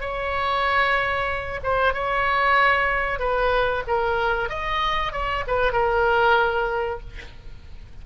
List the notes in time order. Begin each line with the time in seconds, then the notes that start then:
0.00 C#5
1.63 C5
1.93 C#5
3.19 B4
3.87 A#4
4.49 D#5
5.12 C#5
5.47 B4
5.72 A#4